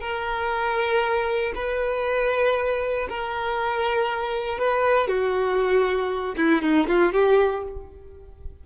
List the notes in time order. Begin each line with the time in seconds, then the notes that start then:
0.00 A#4
1.55 B4
3.09 A#4
4.58 B4
5.08 F#4
6.37 E4
6.61 D#4
6.87 F4
7.12 G4